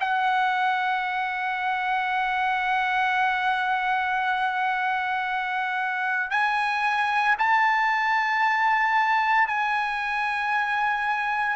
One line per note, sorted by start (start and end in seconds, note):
0.00 6.31 F#5
6.31 7.36 G#5
7.38 9.47 A5
9.47 11.56 G#5